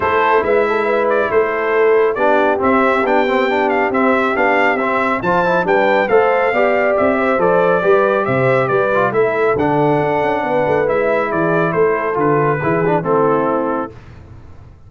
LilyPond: <<
  \new Staff \with { instrumentName = "trumpet" } { \time 4/4 \tempo 4 = 138 c''4 e''4. d''8 c''4~ | c''4 d''4 e''4 g''4~ | g''8 f''8 e''4 f''4 e''4 | a''4 g''4 f''2 |
e''4 d''2 e''4 | d''4 e''4 fis''2~ | fis''4 e''4 d''4 c''4 | b'2 a'2 | }
  \new Staff \with { instrumentName = "horn" } { \time 4/4 a'4 b'8 a'8 b'4 a'4~ | a'4 g'2.~ | g'1 | c''4 b'4 c''4 d''4~ |
d''8 c''4. b'4 c''4 | b'4 a'2. | b'2 gis'4 a'4~ | a'4 gis'4 e'2 | }
  \new Staff \with { instrumentName = "trombone" } { \time 4/4 e'1~ | e'4 d'4 c'4 d'8 c'8 | d'4 c'4 d'4 c'4 | f'8 e'8 d'4 a'4 g'4~ |
g'4 a'4 g'2~ | g'8 f'8 e'4 d'2~ | d'4 e'2. | f'4 e'8 d'8 c'2 | }
  \new Staff \with { instrumentName = "tuba" } { \time 4/4 a4 gis2 a4~ | a4 b4 c'4 b4~ | b4 c'4 b4 c'4 | f4 g4 a4 b4 |
c'4 f4 g4 c4 | g4 a4 d4 d'8 cis'8 | b8 a8 gis4 e4 a4 | d4 e4 a2 | }
>>